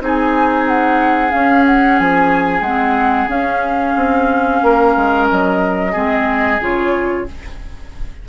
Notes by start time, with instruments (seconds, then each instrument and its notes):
0.00 bassoon C4, clarinet D#4, oboe G#4, flute G#5
0.67 flute F#5
1.30 clarinet C#4, bassoon C#4, flute F5
1.66 flute F#5
1.99 bassoon F3, flute G#5
2.61 bassoon G#3, clarinet C4, flute F#5
3.28 bassoon C#4, clarinet C#4, flute F5
3.96 bassoon C4
4.62 bassoon A#3, oboe A#4
4.96 bassoon G#3
5.30 bassoon F#3, flute D#5
5.92 bassoon G#3, clarinet C4, oboe G#4
6.60 bassoon C#3, clarinet F4, flute C#5